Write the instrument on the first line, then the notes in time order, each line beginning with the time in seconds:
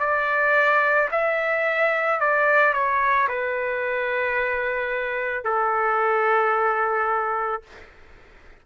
trumpet
0.00 D5
1.12 E5
2.21 D5
2.74 C#5
3.28 B4
5.44 A4